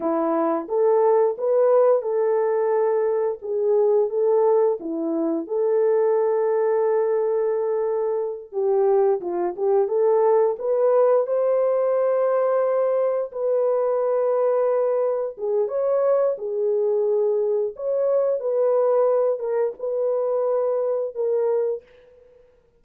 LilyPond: \new Staff \with { instrumentName = "horn" } { \time 4/4 \tempo 4 = 88 e'4 a'4 b'4 a'4~ | a'4 gis'4 a'4 e'4 | a'1~ | a'8 g'4 f'8 g'8 a'4 b'8~ |
b'8 c''2. b'8~ | b'2~ b'8 gis'8 cis''4 | gis'2 cis''4 b'4~ | b'8 ais'8 b'2 ais'4 | }